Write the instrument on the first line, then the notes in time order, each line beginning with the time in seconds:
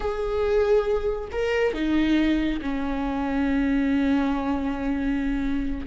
viola
0.00 G#4
1.32 A#4
1.73 D#4
2.61 C#4